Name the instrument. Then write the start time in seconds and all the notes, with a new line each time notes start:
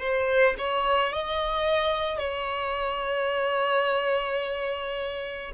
violin
0.00 C5
0.59 C#5
1.13 D#5
2.19 C#5